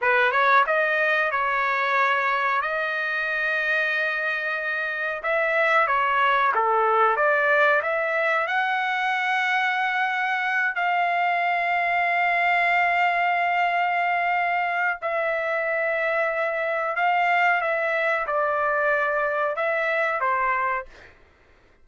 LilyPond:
\new Staff \with { instrumentName = "trumpet" } { \time 4/4 \tempo 4 = 92 b'8 cis''8 dis''4 cis''2 | dis''1 | e''4 cis''4 a'4 d''4 | e''4 fis''2.~ |
fis''8 f''2.~ f''8~ | f''2. e''4~ | e''2 f''4 e''4 | d''2 e''4 c''4 | }